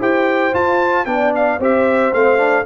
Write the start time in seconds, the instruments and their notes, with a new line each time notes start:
0.00 tuba E4, trombone G4, horn C5, trumpet G5
0.53 trombone F4, tuba F4, trumpet A5
1.06 tuba B3, trombone D4, horn D5, trumpet G5
1.35 trumpet F5
1.60 tuba C4, trombone G4, horn C5, trumpet E5
2.13 tuba A3, trombone C4, trumpet F5
2.38 trombone D4